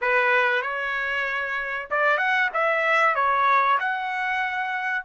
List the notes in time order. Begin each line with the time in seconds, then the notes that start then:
0.01 B4
0.62 C#5
1.90 D5
2.17 F#5
2.53 E5
3.15 C#5
3.79 F#5